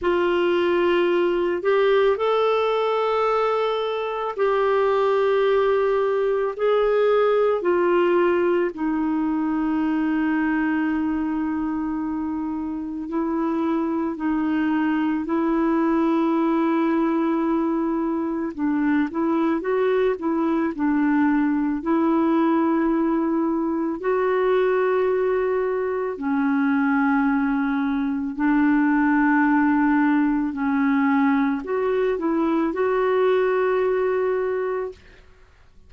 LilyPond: \new Staff \with { instrumentName = "clarinet" } { \time 4/4 \tempo 4 = 55 f'4. g'8 a'2 | g'2 gis'4 f'4 | dis'1 | e'4 dis'4 e'2~ |
e'4 d'8 e'8 fis'8 e'8 d'4 | e'2 fis'2 | cis'2 d'2 | cis'4 fis'8 e'8 fis'2 | }